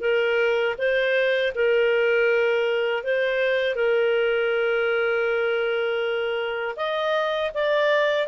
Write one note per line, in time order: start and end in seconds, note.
0.00 0.75 A#4
0.78 1.53 C5
1.55 3.03 A#4
3.03 3.75 C5
3.75 6.75 A#4
6.76 7.51 D#5
7.54 8.27 D5